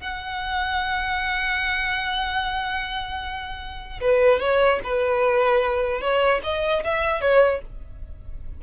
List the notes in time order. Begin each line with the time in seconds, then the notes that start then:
0.00 F#5
4.00 B4
4.40 C#5
4.84 B4
6.01 C#5
6.43 D#5
6.84 E5
7.21 C#5